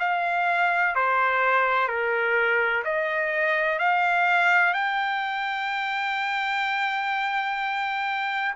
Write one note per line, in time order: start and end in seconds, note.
0.00 0.95 F5
0.95 1.88 C5
1.88 2.83 A#4
2.84 3.79 D#5
3.79 4.74 F5
4.74 8.55 G5